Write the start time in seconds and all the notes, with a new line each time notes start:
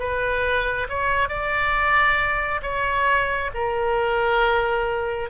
0.00 B4
0.89 C#5
1.29 D5
2.63 C#5
3.55 A#4